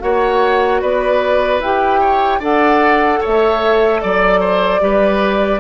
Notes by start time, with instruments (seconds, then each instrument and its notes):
0.00 bassoon A#3, clarinet F#4, oboe C#5, flute F#5
0.81 bassoon B3, oboe B4, flute D5
1.59 bassoon E4, clarinet G4, flute G5
2.00 oboe C#5
2.40 bassoon D4, clarinet A4, oboe D5, flute F#5
3.21 bassoon A3, oboe C#5, flute E5
4.02 bassoon F#3, flute D5, oboe D5
4.41 oboe C5
4.80 bassoon G3, clarinet G4, oboe B4